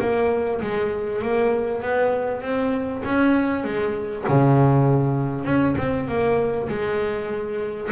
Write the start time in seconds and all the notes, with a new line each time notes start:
0.00 A#3
0.61 G#3
1.21 A#3
1.82 B3
2.42 C4
3.04 C#4
3.64 G#3
4.28 C#3
5.44 C#4
5.77 C4
6.07 A#3
6.69 G#3